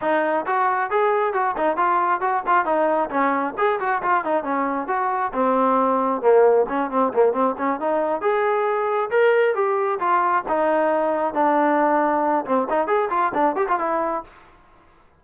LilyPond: \new Staff \with { instrumentName = "trombone" } { \time 4/4 \tempo 4 = 135 dis'4 fis'4 gis'4 fis'8 dis'8 | f'4 fis'8 f'8 dis'4 cis'4 | gis'8 fis'8 f'8 dis'8 cis'4 fis'4 | c'2 ais4 cis'8 c'8 |
ais8 c'8 cis'8 dis'4 gis'4.~ | gis'8 ais'4 g'4 f'4 dis'8~ | dis'4. d'2~ d'8 | c'8 dis'8 gis'8 f'8 d'8 g'16 f'16 e'4 | }